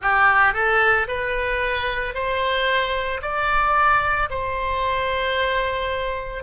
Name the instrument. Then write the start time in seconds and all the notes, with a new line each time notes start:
oboe
0.01 G4
0.54 A4
1.07 B4
2.14 C5
3.21 D5
4.30 C5